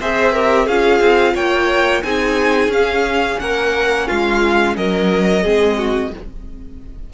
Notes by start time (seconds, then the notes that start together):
0.00 C4 G#4 C5 E5
0.32 G4 A#4
0.65 C#4 F4 G#4 F5
1.00 C4
1.34 A#3 C#5 G5
2.02 C4 D#4 G#4 G#5
2.68 C#4 F5
3.39 A#3 A#4 F#5
4.07 G#3 F4 F5
4.76 F#3 A#4 D#5
5.43 G#3 C4 G#4
5.77 F#4